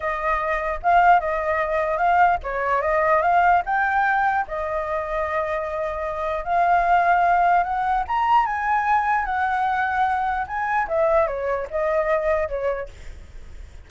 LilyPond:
\new Staff \with { instrumentName = "flute" } { \time 4/4 \tempo 4 = 149 dis''2 f''4 dis''4~ | dis''4 f''4 cis''4 dis''4 | f''4 g''2 dis''4~ | dis''1 |
f''2. fis''4 | ais''4 gis''2 fis''4~ | fis''2 gis''4 e''4 | cis''4 dis''2 cis''4 | }